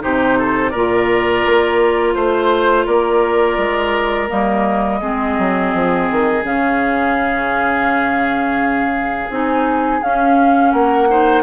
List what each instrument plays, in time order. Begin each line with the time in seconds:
0.00 bassoon C3, clarinet D#4, oboe G4, flute C5
0.38 oboe A4
0.70 bassoon A#2, oboe A#4, flute D5
0.76 clarinet F4
1.45 bassoon A#3
2.14 bassoon A3, flute C5, oboe C5
2.86 bassoon A#3, oboe A#4, flute D5
3.58 bassoon G#3
4.29 bassoon G3, clarinet A#3, flute D#5
5.01 bassoon G#3, clarinet C4, oboe G#4
5.38 bassoon F#3
5.74 bassoon F3
6.11 bassoon D#3
6.43 bassoon C#3, clarinet C#4, flute F5
9.30 bassoon C4, clarinet D#4, flute G#5
10.02 clarinet C#4, bassoon C#4, flute F5
10.71 bassoon A#3, oboe A#4, flute F#5
11.09 clarinet D#4, oboe C5